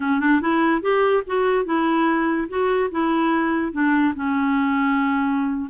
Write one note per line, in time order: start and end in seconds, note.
0.00 0.20 C#4
0.20 0.40 D4
0.41 0.81 E4
0.81 1.23 G4
1.26 1.65 F#4
1.65 2.48 E4
2.48 2.90 F#4
2.91 3.72 E4
3.72 4.13 D4
4.15 5.70 C#4